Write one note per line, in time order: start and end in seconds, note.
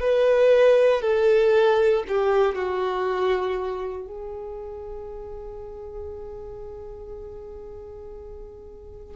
0.00 1.02 B4
1.02 2.04 A4
2.08 2.56 G4
2.56 4.07 F#4
4.07 9.16 G#4